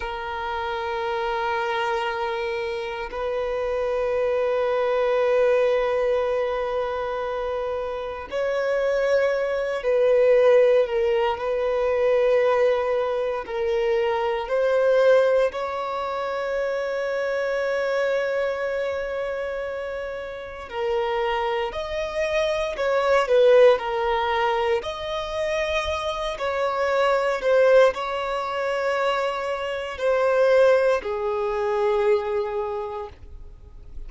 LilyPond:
\new Staff \with { instrumentName = "violin" } { \time 4/4 \tempo 4 = 58 ais'2. b'4~ | b'1 | cis''4. b'4 ais'8 b'4~ | b'4 ais'4 c''4 cis''4~ |
cis''1 | ais'4 dis''4 cis''8 b'8 ais'4 | dis''4. cis''4 c''8 cis''4~ | cis''4 c''4 gis'2 | }